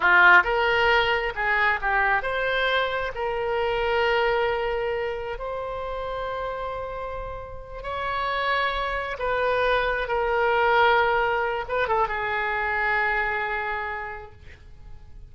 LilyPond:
\new Staff \with { instrumentName = "oboe" } { \time 4/4 \tempo 4 = 134 f'4 ais'2 gis'4 | g'4 c''2 ais'4~ | ais'1 | c''1~ |
c''4. cis''2~ cis''8~ | cis''8 b'2 ais'4.~ | ais'2 b'8 a'8 gis'4~ | gis'1 | }